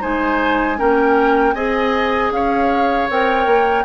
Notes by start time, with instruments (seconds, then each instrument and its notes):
0.00 bassoon G#3, clarinet D#4, oboe C5, flute G#5
0.77 bassoon A#3, clarinet C#4, oboe A#4, flute G5
1.53 bassoon C4, clarinet G#4, oboe D#5, flute G#5
2.31 bassoon C#4, oboe C#5, flute F5
3.09 bassoon C4, clarinet A#4, flute G5
3.46 bassoon A#3